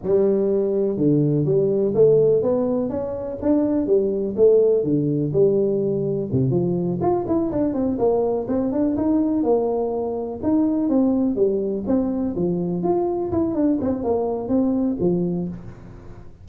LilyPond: \new Staff \with { instrumentName = "tuba" } { \time 4/4 \tempo 4 = 124 g2 d4 g4 | a4 b4 cis'4 d'4 | g4 a4 d4 g4~ | g4 c8 f4 f'8 e'8 d'8 |
c'8 ais4 c'8 d'8 dis'4 ais8~ | ais4. dis'4 c'4 g8~ | g8 c'4 f4 f'4 e'8 | d'8 c'8 ais4 c'4 f4 | }